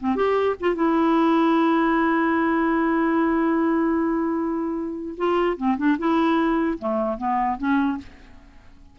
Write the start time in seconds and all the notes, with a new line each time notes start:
0.00 C4
0.16 G4
0.60 F4
0.75 E4
5.18 F4
5.57 C4
5.77 D4
5.98 E4
6.79 A3
7.18 B3
7.58 C#4